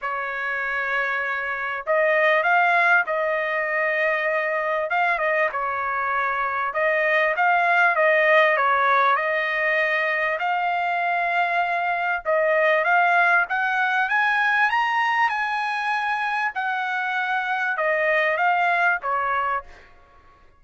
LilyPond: \new Staff \with { instrumentName = "trumpet" } { \time 4/4 \tempo 4 = 98 cis''2. dis''4 | f''4 dis''2. | f''8 dis''8 cis''2 dis''4 | f''4 dis''4 cis''4 dis''4~ |
dis''4 f''2. | dis''4 f''4 fis''4 gis''4 | ais''4 gis''2 fis''4~ | fis''4 dis''4 f''4 cis''4 | }